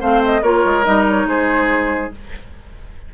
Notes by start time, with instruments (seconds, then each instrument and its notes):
0.00 bassoon A3, clarinet C4, oboe C5, flute F5
0.25 flute D#5
0.42 bassoon A#3, clarinet F4, oboe A#4, flute C#5
0.65 bassoon G#3
0.84 bassoon G3, clarinet D#4, flute D#5
1.09 flute C#5
1.26 bassoon G#3, oboe G#4, flute C5